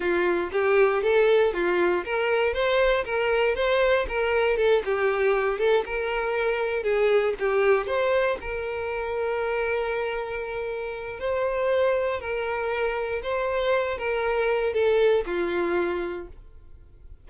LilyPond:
\new Staff \with { instrumentName = "violin" } { \time 4/4 \tempo 4 = 118 f'4 g'4 a'4 f'4 | ais'4 c''4 ais'4 c''4 | ais'4 a'8 g'4. a'8 ais'8~ | ais'4. gis'4 g'4 c''8~ |
c''8 ais'2.~ ais'8~ | ais'2 c''2 | ais'2 c''4. ais'8~ | ais'4 a'4 f'2 | }